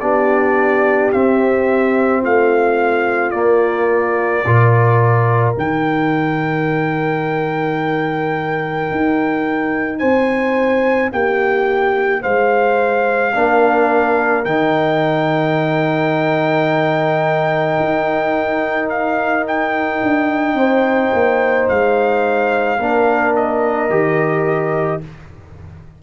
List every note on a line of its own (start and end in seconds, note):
0.00 1.13 B3
0.00 1.12 D4
0.00 2.21 G4
0.00 1.11 D5
1.12 3.33 C4
1.12 2.24 C4
1.12 2.23 E5
2.21 3.34 A3
2.21 4.44 F4
2.21 3.31 F5
3.31 4.44 A#3
3.31 4.45 A#3
3.31 5.53 D5
4.45 5.56 A#2
4.45 5.54 F4
4.45 9.99 A#4
5.54 8.91 D#3
5.54 13.32 D#4
5.54 9.99 G5
8.91 10.02 D#4
9.99 11.12 C4
9.99 11.10 C5
9.99 11.10 G#5
11.12 12.23 A#3
11.12 12.22 G4
11.12 12.22 G5
12.22 13.35 G#3
12.22 13.33 C5
12.22 14.44 F5
13.33 14.45 A#3
13.33 14.44 D4
13.33 20.57 A#4
14.44 17.79 D#3
14.44 22.79 D#4
14.44 18.89 G5
17.79 20.02 D#4
18.89 19.45 F5
19.47 21.69 G5
20.02 20.54 D4
20.54 21.10 C4
20.54 22.79 C5
21.13 21.69 A#3
21.69 22.79 G#3
21.69 23.35 F5
22.79 23.90 A#3
22.79 23.90 D4
22.79 25.01 A#4
23.36 25.03 D#5
23.90 25.01 D#3
23.90 25.01 G4